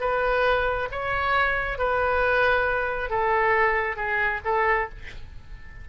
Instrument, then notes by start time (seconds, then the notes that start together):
oboe
0.00 B4
0.91 C#5
1.78 B4
3.10 A4
3.96 G#4
4.44 A4